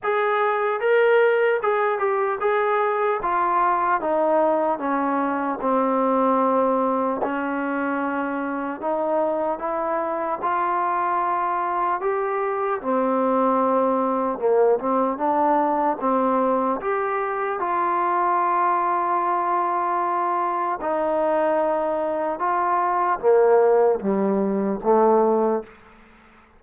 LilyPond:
\new Staff \with { instrumentName = "trombone" } { \time 4/4 \tempo 4 = 75 gis'4 ais'4 gis'8 g'8 gis'4 | f'4 dis'4 cis'4 c'4~ | c'4 cis'2 dis'4 | e'4 f'2 g'4 |
c'2 ais8 c'8 d'4 | c'4 g'4 f'2~ | f'2 dis'2 | f'4 ais4 g4 a4 | }